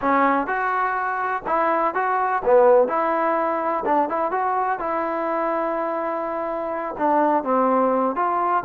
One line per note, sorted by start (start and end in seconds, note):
0.01 0.47 C#4
0.47 1.43 F#4
1.46 1.94 E4
1.94 2.42 F#4
2.44 2.88 B3
2.88 3.84 E4
3.85 4.09 D4
4.09 4.31 E4
4.31 4.79 F#4
4.79 6.95 E4
6.98 7.43 D4
7.43 8.15 C4
8.15 8.63 F4